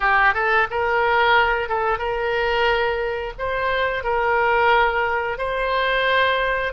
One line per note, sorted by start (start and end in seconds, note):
0.00 0.33 G4
0.33 0.67 A4
0.70 1.68 A#4
1.68 1.98 A4
1.98 3.33 A#4
3.38 4.03 C5
4.03 5.37 A#4
5.37 6.72 C5